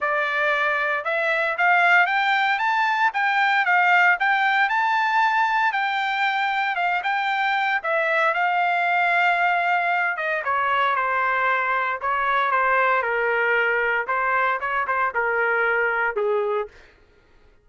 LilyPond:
\new Staff \with { instrumentName = "trumpet" } { \time 4/4 \tempo 4 = 115 d''2 e''4 f''4 | g''4 a''4 g''4 f''4 | g''4 a''2 g''4~ | g''4 f''8 g''4. e''4 |
f''2.~ f''8 dis''8 | cis''4 c''2 cis''4 | c''4 ais'2 c''4 | cis''8 c''8 ais'2 gis'4 | }